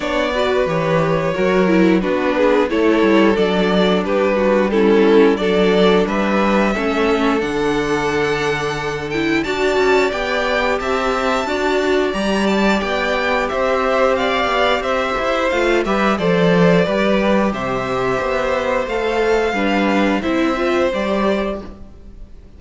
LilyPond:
<<
  \new Staff \with { instrumentName = "violin" } { \time 4/4 \tempo 4 = 89 d''4 cis''2 b'4 | cis''4 d''4 b'4 a'4 | d''4 e''2 fis''4~ | fis''4. g''8 a''4 g''4 |
a''2 ais''8 a''8 g''4 | e''4 f''4 e''4 f''8 e''8 | d''2 e''2 | f''2 e''4 d''4 | }
  \new Staff \with { instrumentName = "violin" } { \time 4/4 cis''8 b'4. ais'4 fis'8 gis'8 | a'2 g'8 fis'8 e'4 | a'4 b'4 a'2~ | a'2 d''2 |
e''4 d''2. | c''4 d''4 c''4. b'8 | c''4 b'4 c''2~ | c''4 b'4 c''2 | }
  \new Staff \with { instrumentName = "viola" } { \time 4/4 d'8 fis'8 g'4 fis'8 e'8 d'4 | e'4 d'2 cis'4 | d'2 cis'4 d'4~ | d'4. e'8 fis'4 g'4~ |
g'4 fis'4 g'2~ | g'2. f'8 g'8 | a'4 g'2. | a'4 d'4 e'8 f'8 g'4 | }
  \new Staff \with { instrumentName = "cello" } { \time 4/4 b4 e4 fis4 b4 | a8 g8 fis4 g2 | fis4 g4 a4 d4~ | d2 d'8 cis'8 b4 |
c'4 d'4 g4 b4 | c'4. b8 c'8 e'8 a8 g8 | f4 g4 c4 b4 | a4 g4 c'4 g4 | }
>>